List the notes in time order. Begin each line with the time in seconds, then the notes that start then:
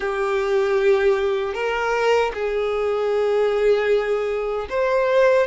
0.00 G4
1.53 A#4
2.34 G#4
4.69 C5